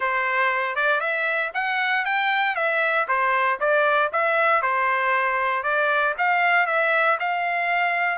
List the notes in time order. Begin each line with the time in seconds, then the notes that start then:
0.00 C5
0.75 D5
1.00 E5
1.53 F#5
2.05 G5
2.55 E5
3.08 C5
3.59 D5
4.12 E5
4.62 C5
5.63 D5
6.17 F5
6.66 E5
7.19 F5